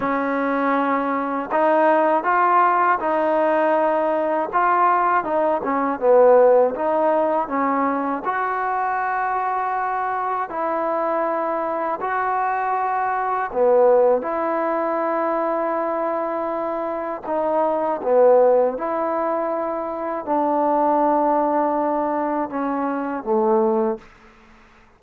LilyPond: \new Staff \with { instrumentName = "trombone" } { \time 4/4 \tempo 4 = 80 cis'2 dis'4 f'4 | dis'2 f'4 dis'8 cis'8 | b4 dis'4 cis'4 fis'4~ | fis'2 e'2 |
fis'2 b4 e'4~ | e'2. dis'4 | b4 e'2 d'4~ | d'2 cis'4 a4 | }